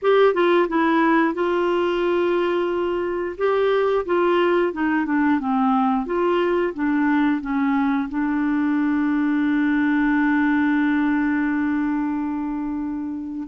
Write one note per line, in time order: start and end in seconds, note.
0.02 0.34 G4
0.34 0.67 F4
0.68 1.34 E4
1.34 3.36 F4
3.37 4.05 G4
4.05 4.72 F4
4.72 5.05 D#4
5.05 5.39 D4
5.39 6.06 C4
6.06 6.73 F4
6.74 7.41 D4
7.41 8.08 C#4
8.09 13.47 D4